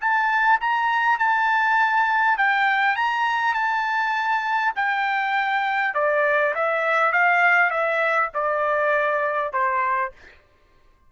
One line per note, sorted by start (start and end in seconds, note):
0.00 0.59 A5
0.60 1.19 A#5
1.19 2.37 A5
2.37 2.96 G5
2.96 3.54 A#5
3.54 4.73 A5
4.76 5.94 G5
5.94 6.53 D5
6.55 7.12 E5
7.12 7.70 F5
7.70 8.29 E5
8.34 9.52 D5
9.52 10.12 C5